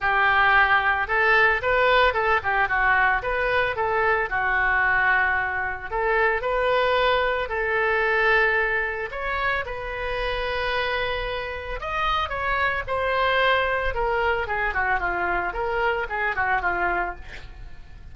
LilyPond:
\new Staff \with { instrumentName = "oboe" } { \time 4/4 \tempo 4 = 112 g'2 a'4 b'4 | a'8 g'8 fis'4 b'4 a'4 | fis'2. a'4 | b'2 a'2~ |
a'4 cis''4 b'2~ | b'2 dis''4 cis''4 | c''2 ais'4 gis'8 fis'8 | f'4 ais'4 gis'8 fis'8 f'4 | }